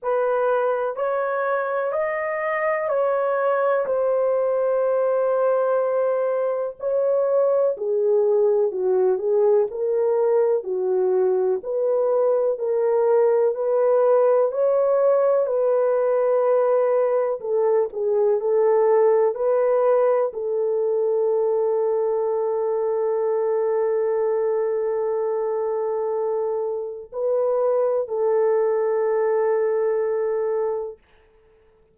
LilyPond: \new Staff \with { instrumentName = "horn" } { \time 4/4 \tempo 4 = 62 b'4 cis''4 dis''4 cis''4 | c''2. cis''4 | gis'4 fis'8 gis'8 ais'4 fis'4 | b'4 ais'4 b'4 cis''4 |
b'2 a'8 gis'8 a'4 | b'4 a'2.~ | a'1 | b'4 a'2. | }